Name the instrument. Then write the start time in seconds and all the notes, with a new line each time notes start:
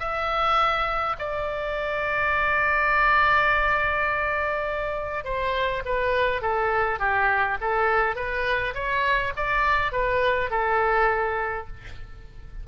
oboe
0.00 E5
1.19 D5
5.25 C5
5.86 B4
6.42 A4
7.00 G4
7.61 A4
8.16 B4
8.75 C#5
9.37 D5
9.92 B4
10.51 A4